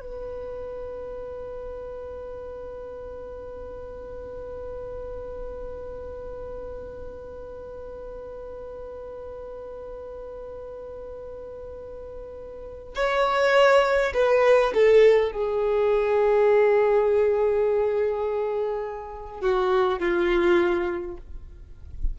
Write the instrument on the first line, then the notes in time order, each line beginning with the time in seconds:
violin
0.00 B4
12.95 C#5
14.13 B4
14.74 A4
15.32 G#4
19.41 F#4
19.99 F4